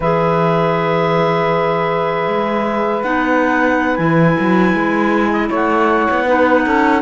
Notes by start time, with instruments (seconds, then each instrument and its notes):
0.00 cello E3, clarinet G#4 E5, saxophone B4
2.27 cello G#3
3.02 cello B3, clarinet D#4 F#5
3.95 cello E3, clarinet E4 G#5
4.39 cello F#3
4.73 cello G#3
5.32 saxophone D#5
5.49 cello A3, saxophone C#5
5.55 clarinet F#5
6.10 cello B3
6.25 clarinet D#4, saxophone B4
6.65 cello C#4, saxophone A4